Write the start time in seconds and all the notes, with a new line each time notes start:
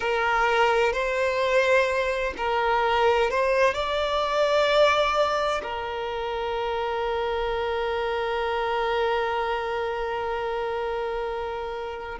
0.00 A#4
0.92 C5
2.37 A#4
3.30 C5
3.74 D5
5.62 A#4